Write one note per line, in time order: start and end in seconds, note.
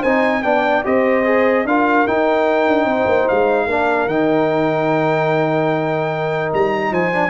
0.00 0.45 C4
0.00 0.44 D#4
0.00 0.41 C5
0.00 0.43 G#5
0.43 0.85 B3
0.43 0.84 D4
0.43 0.86 D5
0.43 0.84 G5
0.84 1.65 C4
0.84 1.24 G4
0.84 1.67 C5
0.84 1.67 D#5
1.25 1.65 G#4
1.65 2.06 D4
1.65 2.08 F4
1.65 2.89 A#4
1.65 2.08 F5
2.08 3.69 D#4
2.08 2.68 D#4
2.08 3.29 G5
2.68 2.85 D4
2.85 3.06 C4
2.85 3.67 C5
3.06 3.26 A#3
3.29 3.67 G#3
3.29 4.09 F5
3.67 4.07 A#3
3.67 4.10 D4
3.67 6.91 A#4
4.07 6.50 D#3
4.07 7.14 D#4
4.07 6.52 G5
6.54 6.91 G3
6.54 6.94 A#5
6.91 7.31 F3
6.91 7.31 C5
6.91 7.31 G#5
7.14 7.31 D4